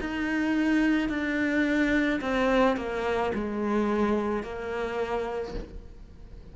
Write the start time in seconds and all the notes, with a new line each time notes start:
0.00 D#4
1.09 D4
2.21 C4
2.77 A#3
3.34 G#3
4.43 A#3